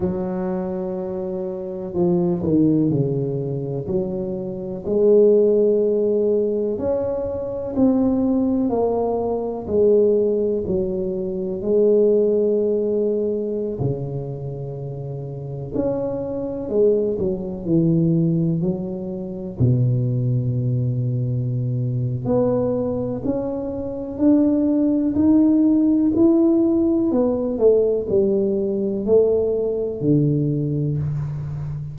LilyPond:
\new Staff \with { instrumentName = "tuba" } { \time 4/4 \tempo 4 = 62 fis2 f8 dis8 cis4 | fis4 gis2 cis'4 | c'4 ais4 gis4 fis4 | gis2~ gis16 cis4.~ cis16~ |
cis16 cis'4 gis8 fis8 e4 fis8.~ | fis16 b,2~ b,8. b4 | cis'4 d'4 dis'4 e'4 | b8 a8 g4 a4 d4 | }